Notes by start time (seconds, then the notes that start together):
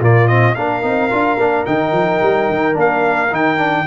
0.00 A#2 A#3 F4 D5
0.28 C4 D#5
0.56 A#3 D4 A#4 F5
0.82 C4 D#4
1.10 D4 F4
1.37 A#3 D4
1.66 D#3 D#4 G5
1.92 F3
2.22 G3
2.50 D#3
2.73 A#3 D4
2.80 F5
3.32 D#3 D#4 G5
3.58 D4